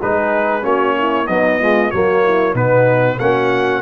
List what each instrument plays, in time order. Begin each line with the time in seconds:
0.00 tuba G#3, trombone D#4, horn G#4, trumpet B4
0.62 tuba A#3, trombone C#4, horn F#4, trumpet C#5
0.98 horn E4
1.27 trombone F#3, tuba B3, horn D#4, trumpet D#5
1.59 trombone G#3, horn F4
1.91 tuba F#3, trombone A#3, horn F#4, trumpet C#5
2.24 horn E4
2.53 tuba B2, trombone B3, horn D#4, trumpet B4
3.19 tuba A#3, trombone C#4, horn F#4, trumpet F#5